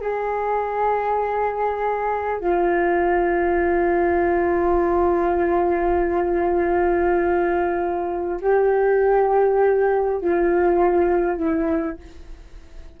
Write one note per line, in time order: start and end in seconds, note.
0.00 2.40 G#4
2.40 8.40 F4
8.41 10.21 G4
10.21 11.36 F4
11.36 11.96 E4